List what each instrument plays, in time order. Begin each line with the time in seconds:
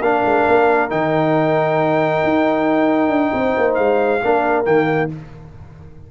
0.00 tuba A#3, trombone D4, horn A#4, trumpet F5
0.25 tuba G#3
0.48 tuba A#3
0.89 tuba D#3, trombone D#4, trumpet G5
2.23 tuba D#4
3.08 tuba D4
3.33 tuba C4, horn C5
3.57 tuba A#3
3.74 tuba G#3, trumpet F5
4.22 tuba A#3, trombone D4, horn A#4
4.64 tuba D#3, trombone A#3, trumpet G5